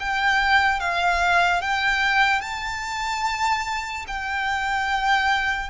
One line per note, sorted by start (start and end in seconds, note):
0.00 0.80 G5
0.80 1.62 F5
1.62 2.41 G5
2.41 4.06 A5
4.08 5.70 G5